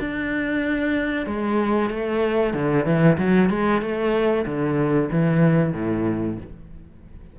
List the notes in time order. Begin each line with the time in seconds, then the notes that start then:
0.00 D4
1.27 G#3
1.90 A3
2.54 D3
2.85 E3
3.18 F#3
3.50 G#3
3.82 A3
4.46 D3
5.11 E3
5.74 A2